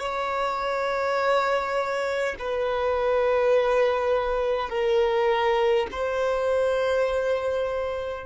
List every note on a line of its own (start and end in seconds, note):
0.00 2.35 C#5
2.40 4.70 B4
4.70 5.87 A#4
5.92 8.26 C5